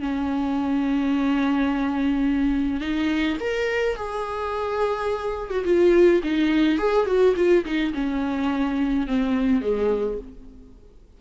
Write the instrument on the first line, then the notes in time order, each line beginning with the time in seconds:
viola
0.00 C#4
2.80 D#4
3.40 A#4
3.96 G#4
5.50 F#4
5.64 F4
6.23 D#4
6.78 G#4
7.06 F#4
7.36 F4
7.65 D#4
7.94 C#4
9.07 C4
9.61 G#3